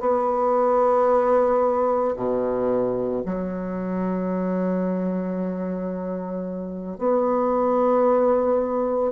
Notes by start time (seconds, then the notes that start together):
0.00 B3
2.16 B2
3.25 F#3
6.98 B3